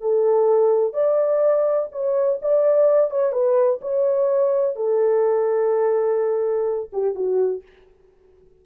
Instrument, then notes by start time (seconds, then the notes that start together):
horn
0.00 A4
0.93 D5
1.92 C#5
2.41 D5
3.10 C#5
3.32 B4
3.81 C#5
4.75 A4
6.92 G4
7.15 F#4